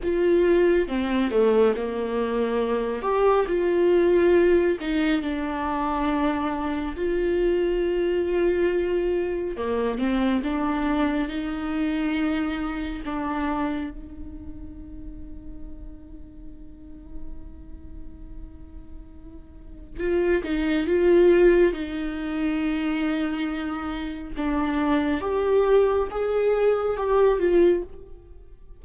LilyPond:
\new Staff \with { instrumentName = "viola" } { \time 4/4 \tempo 4 = 69 f'4 c'8 a8 ais4. g'8 | f'4. dis'8 d'2 | f'2. ais8 c'8 | d'4 dis'2 d'4 |
dis'1~ | dis'2. f'8 dis'8 | f'4 dis'2. | d'4 g'4 gis'4 g'8 f'8 | }